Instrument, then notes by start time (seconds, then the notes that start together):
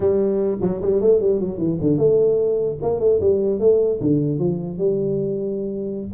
tuba
0.00 G3
0.61 F#3
0.81 G3
1.01 A3
1.20 G3
1.40 F#3
1.58 E3
1.81 D3
1.97 A3
2.82 A#3
3.00 A3
3.20 G3
3.59 A3
4.00 D3
4.38 F3
4.78 G3